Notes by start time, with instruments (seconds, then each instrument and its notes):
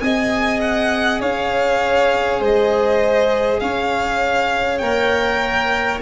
0.00 tuba C4, cello G#4, violin D#5 G#5
0.61 violin F#5
1.21 tuba C#4, violin C#5 F5
2.40 tuba G#3, violin C5 D#5
3.60 tuba C#4, violin C#5 F5
4.79 tuba A#3, cello A#4, violin G5